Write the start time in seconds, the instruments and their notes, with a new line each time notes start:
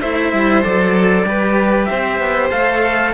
0.00 cello A3 E4, violin C5, trumpet E5
0.33 cello G3
0.62 cello F#3 A4, trumpet D5
1.24 cello G3 G4, violin B4
1.85 cello C4, violin C5, trumpet E5
2.20 cello B3
2.51 cello A3 A4, trumpet F5